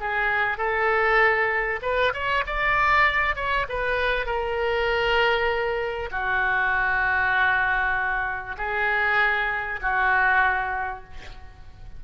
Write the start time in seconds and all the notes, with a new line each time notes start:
0.00 G#4
0.58 A4
1.82 B4
2.14 C#5
2.46 D5
3.36 C#5
3.69 B4
4.26 A#4
6.11 F#4
8.58 G#4
9.82 F#4